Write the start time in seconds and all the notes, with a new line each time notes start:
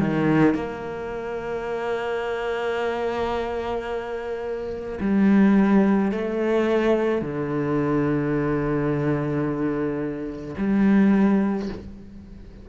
0.00 D#3
0.55 A#3
5.01 G3
6.12 A3
7.22 D3
10.58 G3